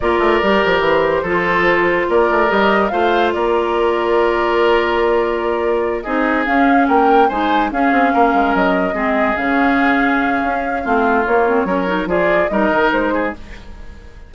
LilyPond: <<
  \new Staff \with { instrumentName = "flute" } { \time 4/4 \tempo 4 = 144 d''2 c''2~ | c''4 d''4 dis''4 f''4 | d''1~ | d''2~ d''8 dis''4 f''8~ |
f''8 g''4 gis''4 f''4.~ | f''8 dis''2 f''4.~ | f''2. cis''4~ | cis''4 d''4 dis''4 c''4 | }
  \new Staff \with { instrumentName = "oboe" } { \time 4/4 ais'2. a'4~ | a'4 ais'2 c''4 | ais'1~ | ais'2~ ais'8 gis'4.~ |
gis'8 ais'4 c''4 gis'4 ais'8~ | ais'4. gis'2~ gis'8~ | gis'2 f'2 | ais'4 gis'4 ais'4. gis'8 | }
  \new Staff \with { instrumentName = "clarinet" } { \time 4/4 f'4 g'2 f'4~ | f'2 g'4 f'4~ | f'1~ | f'2~ f'8 dis'4 cis'8~ |
cis'4. dis'4 cis'4.~ | cis'4. c'4 cis'4.~ | cis'2 c'4 ais8 c'8 | cis'8 dis'8 f'4 dis'2 | }
  \new Staff \with { instrumentName = "bassoon" } { \time 4/4 ais8 a8 g8 f8 e4 f4~ | f4 ais8 a8 g4 a4 | ais1~ | ais2~ ais8 c'4 cis'8~ |
cis'8 ais4 gis4 cis'8 c'8 ais8 | gis8 fis4 gis4 cis4.~ | cis4 cis'4 a4 ais4 | fis4 f4 g8 dis8 gis4 | }
>>